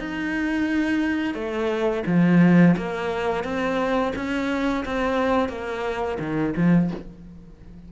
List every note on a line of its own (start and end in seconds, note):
0.00 1.35 D#4
1.35 2.04 A3
2.07 2.76 F3
2.77 3.44 A#3
3.44 4.13 C4
4.16 4.85 C#4
4.86 5.49 C4
5.49 6.18 A#3
6.20 6.55 D#3
6.57 6.91 F3